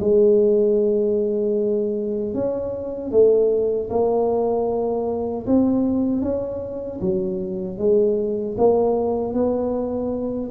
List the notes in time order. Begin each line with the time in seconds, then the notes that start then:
0.00 G#3
2.34 C#4
3.11 A3
3.90 A#3
5.47 C4
6.22 C#4
7.01 F#3
7.78 G#3
8.57 A#3
9.33 B3